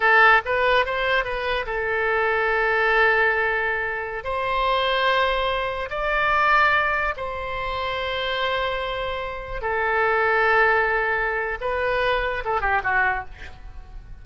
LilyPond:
\new Staff \with { instrumentName = "oboe" } { \time 4/4 \tempo 4 = 145 a'4 b'4 c''4 b'4 | a'1~ | a'2~ a'16 c''4.~ c''16~ | c''2~ c''16 d''4.~ d''16~ |
d''4~ d''16 c''2~ c''8.~ | c''2.~ c''16 a'8.~ | a'1 | b'2 a'8 g'8 fis'4 | }